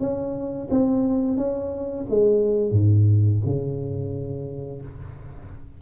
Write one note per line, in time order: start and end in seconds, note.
0.00 0.68 C#4
0.71 1.38 C4
1.38 2.06 C#4
2.10 2.71 G#3
2.71 3.40 G#2
3.46 4.82 C#3